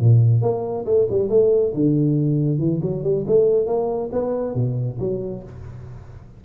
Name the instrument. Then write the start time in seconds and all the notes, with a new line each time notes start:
tuba
0.00 A#2
0.42 A#3
0.86 A3
1.11 G3
1.30 A3
1.75 D3
2.59 E3
2.83 F#3
3.04 G3
3.27 A3
3.67 A#3
4.13 B3
4.55 B2
5.00 F#3